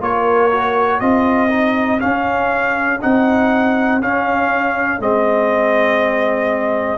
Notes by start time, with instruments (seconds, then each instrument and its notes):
0.00 tuba A#3, trombone F4, horn A#4, trumpet C#5
0.51 trombone F#4
1.00 tuba C4, trombone F4, horn G#4, trumpet D#5
1.49 trombone D#4
1.99 trombone C#4, tuba C#4, trumpet F5
3.01 tuba C4, trombone D#4, trumpet F#5
4.01 trombone C#4, tuba C#4, trumpet F5
4.99 tuba G#3, trombone C4, trumpet D#5